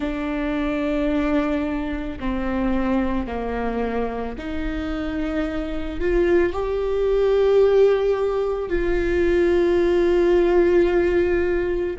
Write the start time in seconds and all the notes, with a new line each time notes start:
0.00 D4
2.19 C4
3.26 A#3
4.37 D#4
6.00 F4
6.53 G4
8.69 F4